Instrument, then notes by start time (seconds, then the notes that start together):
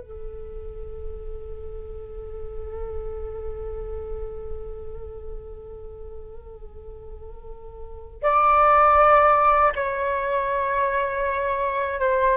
flute
0.00 A4
8.22 D5
9.75 C#5
11.99 C5